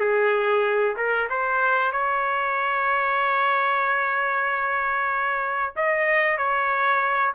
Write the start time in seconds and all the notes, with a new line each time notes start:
0.00 G#4
0.96 A#4
1.30 C5
1.92 C#5
5.76 D#5
6.37 C#5